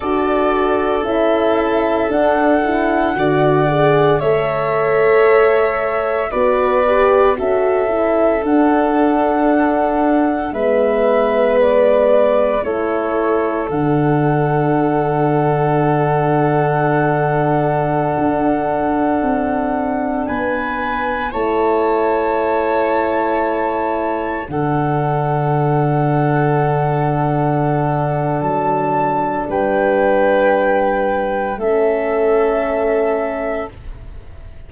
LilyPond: <<
  \new Staff \with { instrumentName = "flute" } { \time 4/4 \tempo 4 = 57 d''4 e''4 fis''2 | e''2 d''4 e''4 | fis''2 e''4 d''4 | cis''4 fis''2.~ |
fis''2.~ fis''16 gis''8.~ | gis''16 a''2. fis''8.~ | fis''2. a''4 | g''2 e''2 | }
  \new Staff \with { instrumentName = "violin" } { \time 4/4 a'2. d''4 | cis''2 b'4 a'4~ | a'2 b'2 | a'1~ |
a'2.~ a'16 b'8.~ | b'16 cis''2. a'8.~ | a'1 | b'2 a'2 | }
  \new Staff \with { instrumentName = "horn" } { \time 4/4 fis'4 e'4 d'8 e'8 fis'8 gis'8 | a'2 fis'8 g'8 fis'8 e'8 | d'2 b2 | e'4 d'2.~ |
d'1~ | d'16 e'2. d'8.~ | d'1~ | d'2 cis'2 | }
  \new Staff \with { instrumentName = "tuba" } { \time 4/4 d'4 cis'4 d'4 d4 | a2 b4 cis'4 | d'2 gis2 | a4 d2.~ |
d4~ d16 d'4 c'4 b8.~ | b16 a2. d8.~ | d2. fis4 | g2 a2 | }
>>